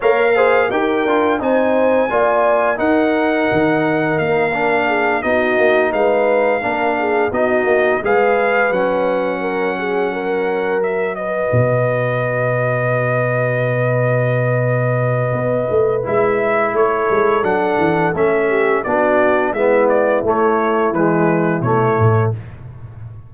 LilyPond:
<<
  \new Staff \with { instrumentName = "trumpet" } { \time 4/4 \tempo 4 = 86 f''4 g''4 gis''2 | fis''2 f''4. dis''8~ | dis''8 f''2 dis''4 f''8~ | f''8 fis''2. e''8 |
dis''1~ | dis''2. e''4 | cis''4 fis''4 e''4 d''4 | e''8 d''8 cis''4 b'4 cis''4 | }
  \new Staff \with { instrumentName = "horn" } { \time 4/4 cis''8 c''8 ais'4 c''4 d''4 | ais'2. gis'8 fis'8~ | fis'8 b'4 ais'8 gis'8 fis'4 b'8~ | b'4. ais'8 gis'8 ais'4. |
b'1~ | b'1 | a'2~ a'8 g'8 fis'4 | e'1 | }
  \new Staff \with { instrumentName = "trombone" } { \time 4/4 ais'8 gis'8 g'8 f'8 dis'4 f'4 | dis'2~ dis'8 d'4 dis'8~ | dis'4. d'4 dis'4 gis'8~ | gis'8 cis'2. fis'8~ |
fis'1~ | fis'2. e'4~ | e'4 d'4 cis'4 d'4 | b4 a4 gis4 a4 | }
  \new Staff \with { instrumentName = "tuba" } { \time 4/4 ais4 dis'8 d'8 c'4 ais4 | dis'4 dis4 ais4. b8 | ais8 gis4 ais4 b8 ais8 gis8~ | gis8 fis2.~ fis8~ |
fis8 b,2.~ b,8~ | b,2 b8 a8 gis4 | a8 gis8 fis8 e8 a4 b4 | gis4 a4 e4 b,8 a,8 | }
>>